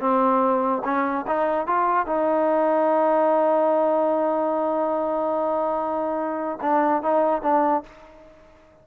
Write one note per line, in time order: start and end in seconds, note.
0.00 0.82 C4
0.84 1.26 C#4
1.27 1.66 D#4
1.66 2.06 F4
2.06 6.58 D#4
6.61 7.02 D4
7.02 7.42 D#4
7.42 7.83 D4